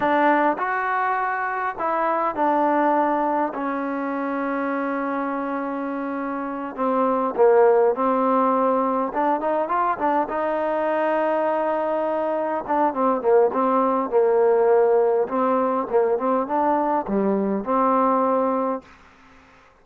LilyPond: \new Staff \with { instrumentName = "trombone" } { \time 4/4 \tempo 4 = 102 d'4 fis'2 e'4 | d'2 cis'2~ | cis'2.~ cis'8 c'8~ | c'8 ais4 c'2 d'8 |
dis'8 f'8 d'8 dis'2~ dis'8~ | dis'4. d'8 c'8 ais8 c'4 | ais2 c'4 ais8 c'8 | d'4 g4 c'2 | }